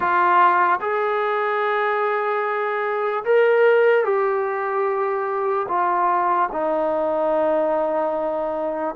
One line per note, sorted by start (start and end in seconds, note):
0.00 0.79 F4
0.80 3.24 G#4
3.24 4.04 A#4
4.04 5.66 G4
5.68 6.49 F4
6.52 8.95 D#4